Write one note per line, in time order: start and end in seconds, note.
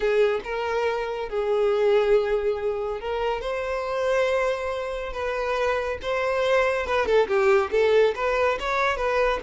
0.00 0.40 G#4
0.44 1.29 A#4
1.29 3.00 G#4
3.00 3.41 A#4
3.41 5.12 C5
5.12 5.98 B4
6.01 6.86 C5
6.86 7.06 B4
7.06 7.27 A4
7.27 7.70 G4
7.71 8.14 A4
8.15 8.58 B4
8.59 8.96 C#5
8.96 9.39 B4